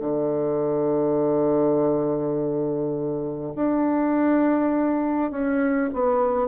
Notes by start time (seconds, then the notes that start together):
0.00 D3
3.55 D4
5.31 C#4
5.93 B3